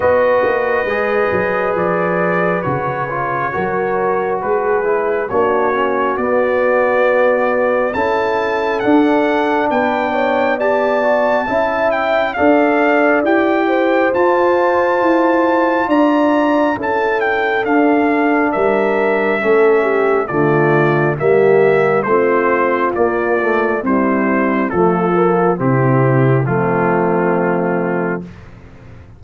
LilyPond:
<<
  \new Staff \with { instrumentName = "trumpet" } { \time 4/4 \tempo 4 = 68 dis''2 d''4 cis''4~ | cis''4 b'4 cis''4 d''4~ | d''4 a''4 fis''4 g''4 | a''4. g''8 f''4 g''4 |
a''2 ais''4 a''8 g''8 | f''4 e''2 d''4 | e''4 c''4 d''4 c''4 | a'4 g'4 f'2 | }
  \new Staff \with { instrumentName = "horn" } { \time 4/4 b'1 | ais'4 gis'4 fis'2~ | fis'4 a'2 b'8 cis''8 | d''4 e''4 d''4. c''8~ |
c''2 d''4 a'4~ | a'4 ais'4 a'8 g'8 f'4 | g'4 f'2 e'4 | f'4 e'4 c'2 | }
  \new Staff \with { instrumentName = "trombone" } { \time 4/4 fis'4 gis'2 fis'8 f'8 | fis'4. e'8 d'8 cis'8 b4~ | b4 e'4 d'2 | g'8 fis'8 e'4 a'4 g'4 |
f'2. e'4 | d'2 cis'4 a4 | ais4 c'4 ais8 a8 g4 | a8 ais8 c'4 a2 | }
  \new Staff \with { instrumentName = "tuba" } { \time 4/4 b8 ais8 gis8 fis8 f4 cis4 | fis4 gis4 ais4 b4~ | b4 cis'4 d'4 b4~ | b4 cis'4 d'4 e'4 |
f'4 e'4 d'4 cis'4 | d'4 g4 a4 d4 | g4 a4 ais4 c'4 | f4 c4 f2 | }
>>